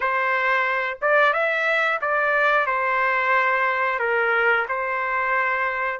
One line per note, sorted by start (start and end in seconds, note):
0.00 0.98 C5
1.01 1.33 D5
1.33 1.99 E5
2.01 2.66 D5
2.66 3.99 C5
3.99 4.65 A#4
4.68 6.00 C5